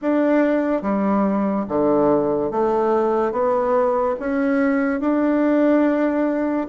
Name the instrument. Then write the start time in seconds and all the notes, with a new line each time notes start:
bassoon
0.01 D4
0.82 G3
1.68 D3
2.51 A3
3.31 B3
4.19 C#4
5.00 D4